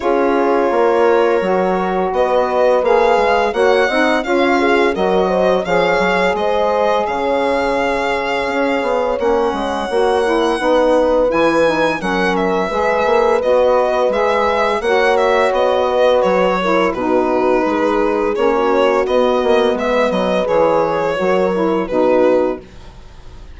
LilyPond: <<
  \new Staff \with { instrumentName = "violin" } { \time 4/4 \tempo 4 = 85 cis''2. dis''4 | f''4 fis''4 f''4 dis''4 | f''4 dis''4 f''2~ | f''4 fis''2. |
gis''4 fis''8 e''4. dis''4 | e''4 fis''8 e''8 dis''4 cis''4 | b'2 cis''4 dis''4 | e''8 dis''8 cis''2 b'4 | }
  \new Staff \with { instrumentName = "horn" } { \time 4/4 gis'4 ais'2 b'4~ | b'4 cis''8 dis''8 cis''8 gis'8 ais'8 c''8 | cis''4 c''4 cis''2~ | cis''2. b'4~ |
b'4 ais'4 b'2~ | b'4 cis''4. b'4 ais'8 | fis'4 gis'4~ gis'16 fis'4.~ fis'16 | b'2 ais'4 fis'4 | }
  \new Staff \with { instrumentName = "saxophone" } { \time 4/4 f'2 fis'2 | gis'4 fis'8 dis'8 f'4 fis'4 | gis'1~ | gis'4 cis'4 fis'8 e'8 dis'4 |
e'8 dis'8 cis'4 gis'4 fis'4 | gis'4 fis'2~ fis'8 e'8 | dis'2 cis'4 b4~ | b4 gis'4 fis'8 e'8 dis'4 | }
  \new Staff \with { instrumentName = "bassoon" } { \time 4/4 cis'4 ais4 fis4 b4 | ais8 gis8 ais8 c'8 cis'4 fis4 | f8 fis8 gis4 cis2 | cis'8 b8 ais8 gis8 ais4 b4 |
e4 fis4 gis8 ais8 b4 | gis4 ais4 b4 fis4 | b,4 gis4 ais4 b8 ais8 | gis8 fis8 e4 fis4 b,4 | }
>>